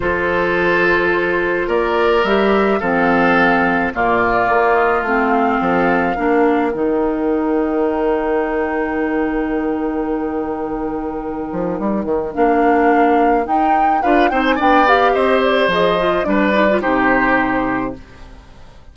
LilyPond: <<
  \new Staff \with { instrumentName = "flute" } { \time 4/4 \tempo 4 = 107 c''2. d''4 | e''4 f''2 d''4~ | d''8 dis''8 f''2. | g''1~ |
g''1~ | g''2 f''2 | g''4 f''8 g''16 gis''16 g''8 f''8 dis''8 d''8 | dis''4 d''4 c''2 | }
  \new Staff \with { instrumentName = "oboe" } { \time 4/4 a'2. ais'4~ | ais'4 a'2 f'4~ | f'2 a'4 ais'4~ | ais'1~ |
ais'1~ | ais'1~ | ais'4 b'8 c''8 d''4 c''4~ | c''4 b'4 g'2 | }
  \new Staff \with { instrumentName = "clarinet" } { \time 4/4 f'1 | g'4 c'2 ais4~ | ais4 c'2 d'4 | dis'1~ |
dis'1~ | dis'2 d'2 | dis'4 f'8 dis'8 d'8 g'4. | gis'8 f'8 d'8 dis'16 f'16 dis'2 | }
  \new Staff \with { instrumentName = "bassoon" } { \time 4/4 f2. ais4 | g4 f2 ais,4 | ais4 a4 f4 ais4 | dis1~ |
dis1~ | dis8 f8 g8 dis8 ais2 | dis'4 d'8 c'8 b4 c'4 | f4 g4 c2 | }
>>